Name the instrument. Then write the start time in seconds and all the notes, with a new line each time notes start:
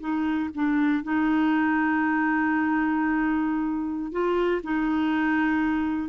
clarinet
0.00 D#4
0.54 D4
1.03 D#4
4.12 F4
4.63 D#4